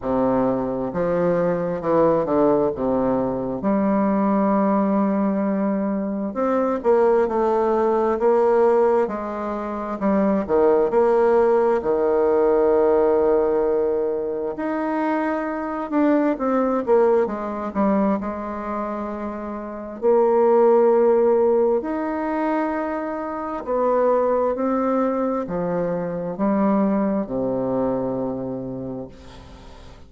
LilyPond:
\new Staff \with { instrumentName = "bassoon" } { \time 4/4 \tempo 4 = 66 c4 f4 e8 d8 c4 | g2. c'8 ais8 | a4 ais4 gis4 g8 dis8 | ais4 dis2. |
dis'4. d'8 c'8 ais8 gis8 g8 | gis2 ais2 | dis'2 b4 c'4 | f4 g4 c2 | }